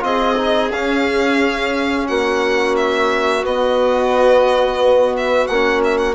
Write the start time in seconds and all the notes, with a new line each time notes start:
0.00 C4 F4 D#5
0.06 G#4
0.37 D#4
0.71 C#4 F5
2.07 A#3 F#4 F#5
2.77 E5
3.42 B3 D#5
5.17 E5
5.47 A#3 C#4 F#5
5.84 E5
5.98 F#5